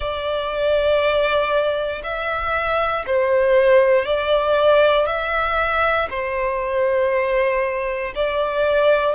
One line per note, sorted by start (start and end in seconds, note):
0.00 2.02 D5
2.03 3.05 E5
3.06 4.04 C5
4.04 5.06 D5
5.06 6.08 E5
6.10 8.13 C5
8.15 9.15 D5